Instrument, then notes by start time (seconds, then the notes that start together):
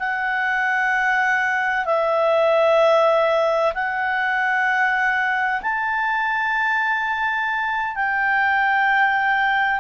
clarinet
0.00 F#5
1.86 E5
3.75 F#5
5.62 A5
7.96 G5